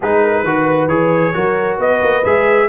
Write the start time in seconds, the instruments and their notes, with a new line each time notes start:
0.00 tuba G#3, trombone D#4, horn G#4, trumpet B4
0.22 horn A#4
0.43 tuba D#3, trombone F#4, horn B4
0.87 tuba E3, trombone G#4, trumpet C#5
1.33 tuba F#3, trombone F#4, horn A#4
1.77 tuba B3, horn B4, trumpet D#5
2.02 tuba A#3
2.24 tuba G#3, trombone G#4, trumpet E5